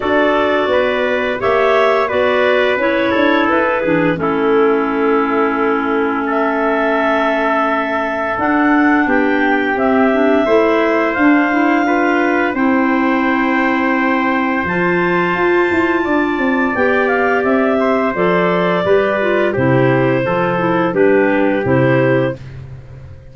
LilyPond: <<
  \new Staff \with { instrumentName = "clarinet" } { \time 4/4 \tempo 4 = 86 d''2 e''4 d''4 | cis''4 b'4 a'2~ | a'4 e''2. | fis''4 g''4 e''2 |
f''2 g''2~ | g''4 a''2. | g''8 f''8 e''4 d''2 | c''2 b'4 c''4 | }
  \new Staff \with { instrumentName = "trumpet" } { \time 4/4 a'4 b'4 cis''4 b'4~ | b'8 a'4 gis'8 e'2~ | e'4 a'2.~ | a'4 g'2 c''4~ |
c''4 b'4 c''2~ | c''2. d''4~ | d''4. c''4. b'4 | g'4 a'4 g'2 | }
  \new Staff \with { instrumentName = "clarinet" } { \time 4/4 fis'2 g'4 fis'4 | e'4. d'8 cis'2~ | cis'1 | d'2 c'8 d'8 e'4 |
d'8 e'8 f'4 e'2~ | e'4 f'2. | g'2 a'4 g'8 f'8 | e'4 f'8 e'8 d'4 e'4 | }
  \new Staff \with { instrumentName = "tuba" } { \time 4/4 d'4 b4 ais4 b4 | cis'8 d'8 e'8 e8 a2~ | a1 | d'4 b4 c'4 a4 |
d'2 c'2~ | c'4 f4 f'8 e'8 d'8 c'8 | b4 c'4 f4 g4 | c4 f4 g4 c4 | }
>>